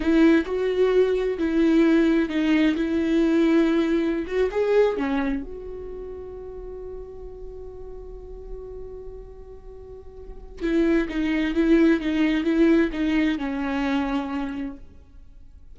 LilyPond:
\new Staff \with { instrumentName = "viola" } { \time 4/4 \tempo 4 = 130 e'4 fis'2 e'4~ | e'4 dis'4 e'2~ | e'4~ e'16 fis'8 gis'4 cis'4 fis'16~ | fis'1~ |
fis'1~ | fis'2. e'4 | dis'4 e'4 dis'4 e'4 | dis'4 cis'2. | }